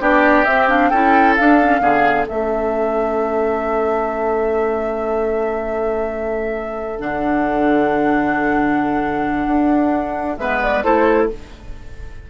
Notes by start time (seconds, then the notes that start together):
0.00 B3 D4 G4 D5
0.45 C4 E5
0.69 D4 F5
0.89 C#4 E4 A4 G5
1.36 D4 F5
1.62 C#4
1.81 D3 B3 G#4
2.26 A3 C#4 A4 E5
6.99 D3 D4 F#5
9.47 D4
10.38 G#3 B3 B4 E5
10.62 D5
10.83 A3 E4 A4 C5